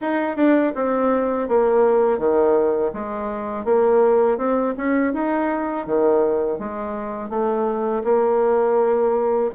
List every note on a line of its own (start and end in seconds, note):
0.01 0.36 D#4
0.36 0.73 D4
0.75 1.48 C4
1.48 2.18 A#3
2.18 2.91 D#3
2.93 3.64 G#3
3.64 4.37 A#3
4.37 4.74 C4
4.77 5.13 C#4
5.13 5.86 D#4
5.86 6.59 D#3
6.59 7.29 G#3
7.29 8.03 A3
8.04 9.50 A#3